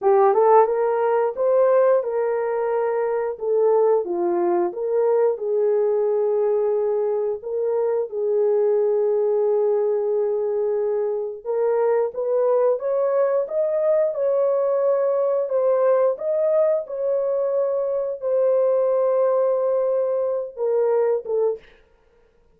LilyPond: \new Staff \with { instrumentName = "horn" } { \time 4/4 \tempo 4 = 89 g'8 a'8 ais'4 c''4 ais'4~ | ais'4 a'4 f'4 ais'4 | gis'2. ais'4 | gis'1~ |
gis'4 ais'4 b'4 cis''4 | dis''4 cis''2 c''4 | dis''4 cis''2 c''4~ | c''2~ c''8 ais'4 a'8 | }